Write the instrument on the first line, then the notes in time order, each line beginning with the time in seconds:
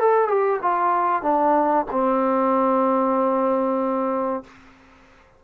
trombone
0.00 A4
0.28 G4
0.62 F4
1.23 D4
1.91 C4